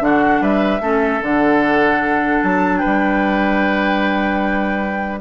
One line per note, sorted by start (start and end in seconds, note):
0.00 0.40 D3
0.00 0.80 D4
0.00 0.42 F#4
0.00 0.43 F#5
0.41 0.80 G3
0.41 0.82 B4
0.41 1.23 E5
0.80 1.20 A3
0.80 1.21 C#4
0.80 2.80 A4
1.21 2.42 D3
1.21 5.20 D4
1.21 2.43 F#5
2.43 2.83 F#3
2.43 2.78 A5
2.78 5.20 B4
2.78 5.18 G5
2.85 5.20 G3